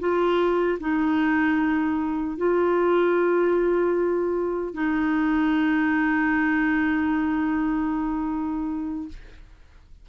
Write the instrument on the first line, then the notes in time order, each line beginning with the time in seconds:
clarinet
0.00 F4
0.80 D#4
2.38 F4
4.75 D#4